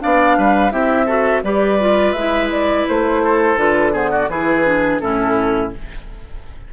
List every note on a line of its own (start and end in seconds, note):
0.00 0.38 B3
0.00 0.71 D4
0.00 0.38 D5
0.00 0.72 F5
0.38 0.73 G3
0.38 0.73 B4
0.71 1.43 C4
0.71 1.07 E4
0.71 1.06 G4
0.71 1.43 E5
1.06 1.44 F#4
1.06 1.42 A4
1.43 2.14 G3
1.43 1.80 G4
1.43 3.23 B4
1.43 2.13 D5
1.81 2.16 F4
2.13 2.85 G#3
2.13 3.58 E4
2.13 2.49 E5
2.52 2.87 D5
2.89 3.57 A3
2.89 3.59 C5
3.25 3.93 A4
3.57 4.28 D3
3.57 3.93 F4
3.57 3.95 B4
3.93 4.29 B3
3.93 4.11 G#4
3.93 4.12 C5
4.11 4.29 F#4
4.11 4.30 D5
4.29 5.01 E3
4.29 4.66 E4
4.29 5.02 G#4
4.29 5.00 B4
4.66 5.01 D4
5.00 5.73 A2
5.00 5.73 C#4
5.00 5.74 E4
5.00 5.71 A4